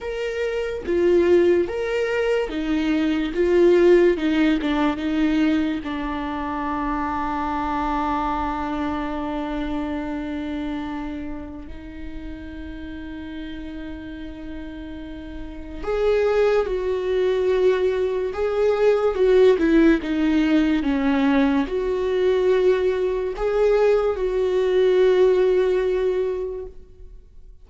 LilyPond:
\new Staff \with { instrumentName = "viola" } { \time 4/4 \tempo 4 = 72 ais'4 f'4 ais'4 dis'4 | f'4 dis'8 d'8 dis'4 d'4~ | d'1~ | d'2 dis'2~ |
dis'2. gis'4 | fis'2 gis'4 fis'8 e'8 | dis'4 cis'4 fis'2 | gis'4 fis'2. | }